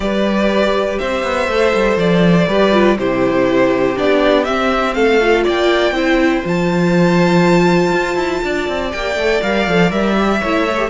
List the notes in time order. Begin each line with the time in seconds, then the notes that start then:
0.00 G3 G4 B4 D5
0.98 C4 C5 E5
1.23 B3
1.48 A3 A4
1.73 G3
1.96 F3 D5
2.47 G3 G4 B4
2.72 F4
2.97 C3 E4 G4 C5
3.96 B3 D4 D5
4.44 C4 E5
4.93 A3 A4 F5
5.21 F4
5.44 A#3 D5 G5
5.91 C4 E4 C5
6.43 F3 F4 A5
7.92 F4
8.15 E4
8.43 D4 D5
8.68 C4
8.90 A#3 G4 G5
9.15 A3 A4
9.42 G3 A#4 F5
9.67 F3 A4
9.90 G3 A#4 E5
10.16 G4
10.40 A3 E4 C#5
10.70 A4
10.78 G4